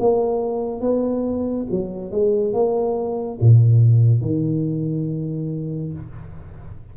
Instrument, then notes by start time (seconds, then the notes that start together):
tuba
0.00 A#3
0.81 B3
1.71 F#3
2.12 G#3
2.54 A#3
3.41 A#2
4.22 D#3